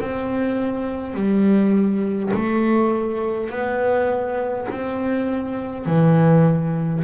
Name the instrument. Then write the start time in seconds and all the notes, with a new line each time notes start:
double bass
0.00 C4
1.14 G3
2.33 A3
3.49 B3
4.71 C4
5.86 E3